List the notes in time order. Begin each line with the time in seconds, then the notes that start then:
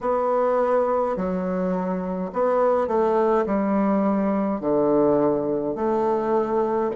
0.01 B3
1.16 F#3
2.32 B3
2.87 A3
3.46 G3
4.60 D3
5.75 A3